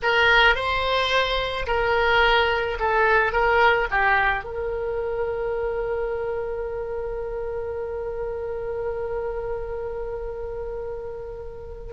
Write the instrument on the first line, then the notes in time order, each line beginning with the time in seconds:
oboe
0.02 A#4
0.55 C5
1.66 A#4
2.79 A4
3.32 A#4
3.90 G4
4.44 A#4